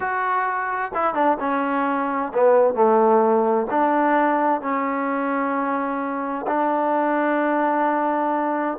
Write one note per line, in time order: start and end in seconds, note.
0.00 0.91 F#4
0.94 1.14 E4
1.14 1.37 D4
1.40 2.32 C#4
2.33 2.74 B3
2.74 3.67 A3
3.70 4.61 D4
4.61 6.46 C#4
6.47 8.77 D4